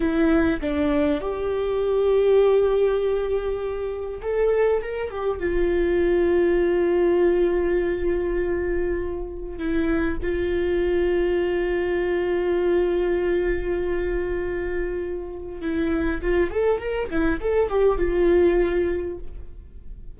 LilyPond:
\new Staff \with { instrumentName = "viola" } { \time 4/4 \tempo 4 = 100 e'4 d'4 g'2~ | g'2. a'4 | ais'8 g'8 f'2.~ | f'1 |
e'4 f'2.~ | f'1~ | f'2 e'4 f'8 a'8 | ais'8 e'8 a'8 g'8 f'2 | }